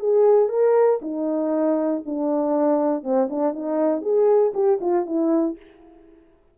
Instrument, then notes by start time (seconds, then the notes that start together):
horn
0.00 G#4
0.49 A#4
1.02 D#4
2.06 D4
3.04 C4
3.30 D4
3.54 D#4
4.02 G#4
4.54 G4
4.81 F4
5.07 E4